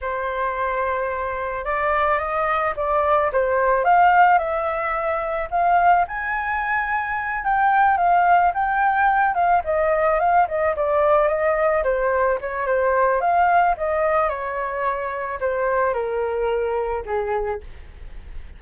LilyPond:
\new Staff \with { instrumentName = "flute" } { \time 4/4 \tempo 4 = 109 c''2. d''4 | dis''4 d''4 c''4 f''4 | e''2 f''4 gis''4~ | gis''4. g''4 f''4 g''8~ |
g''4 f''8 dis''4 f''8 dis''8 d''8~ | d''8 dis''4 c''4 cis''8 c''4 | f''4 dis''4 cis''2 | c''4 ais'2 gis'4 | }